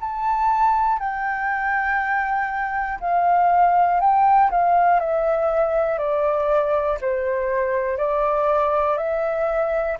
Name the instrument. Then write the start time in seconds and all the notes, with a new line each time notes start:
flute
0.00 A5
0.99 G5
3.00 F5
4.00 G5
4.50 F5
5.00 E5
5.99 D5
7.01 C5
7.98 D5
8.98 E5